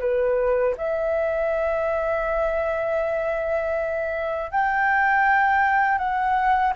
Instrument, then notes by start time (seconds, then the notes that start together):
flute
0.00 B4
0.77 E5
4.51 G5
5.98 F#5